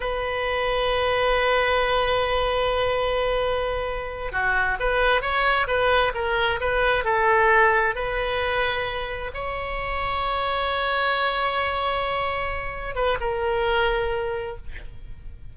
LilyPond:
\new Staff \with { instrumentName = "oboe" } { \time 4/4 \tempo 4 = 132 b'1~ | b'1~ | b'4. fis'4 b'4 cis''8~ | cis''8 b'4 ais'4 b'4 a'8~ |
a'4. b'2~ b'8~ | b'8 cis''2.~ cis''8~ | cis''1~ | cis''8 b'8 ais'2. | }